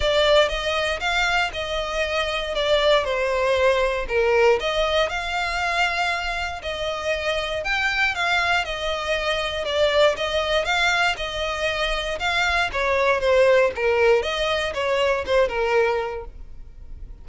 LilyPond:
\new Staff \with { instrumentName = "violin" } { \time 4/4 \tempo 4 = 118 d''4 dis''4 f''4 dis''4~ | dis''4 d''4 c''2 | ais'4 dis''4 f''2~ | f''4 dis''2 g''4 |
f''4 dis''2 d''4 | dis''4 f''4 dis''2 | f''4 cis''4 c''4 ais'4 | dis''4 cis''4 c''8 ais'4. | }